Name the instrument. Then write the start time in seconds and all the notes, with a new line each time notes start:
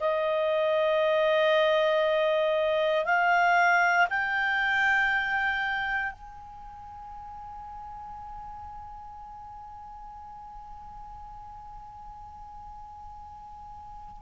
clarinet
0.00 D#5
3.05 F5
4.09 G5
6.12 G#5